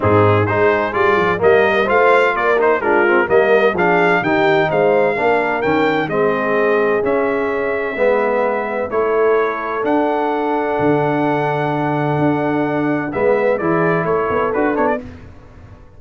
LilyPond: <<
  \new Staff \with { instrumentName = "trumpet" } { \time 4/4 \tempo 4 = 128 gis'4 c''4 d''4 dis''4 | f''4 d''8 c''8 ais'4 dis''4 | f''4 g''4 f''2 | g''4 dis''2 e''4~ |
e''2. cis''4~ | cis''4 fis''2.~ | fis''1 | e''4 d''4 cis''4 b'8 cis''16 d''16 | }
  \new Staff \with { instrumentName = "horn" } { \time 4/4 dis'4 gis'2 ais'4 | c''4 ais'4 f'4 ais'4 | gis'4 g'4 c''4 ais'4~ | ais'4 gis'2.~ |
gis'4 b'2 a'4~ | a'1~ | a'1 | b'4 gis'4 a'2 | }
  \new Staff \with { instrumentName = "trombone" } { \time 4/4 c'4 dis'4 f'4 ais4 | f'4. dis'8 d'8 c'8 ais4 | d'4 dis'2 d'4 | cis'4 c'2 cis'4~ |
cis'4 b2 e'4~ | e'4 d'2.~ | d'1 | b4 e'2 fis'8 d'8 | }
  \new Staff \with { instrumentName = "tuba" } { \time 4/4 gis,4 gis4 g8 f8 g4 | a4 ais4 gis4 g4 | f4 dis4 gis4 ais4 | dis4 gis2 cis'4~ |
cis'4 gis2 a4~ | a4 d'2 d4~ | d2 d'2 | gis4 e4 a8 b8 d'8 b8 | }
>>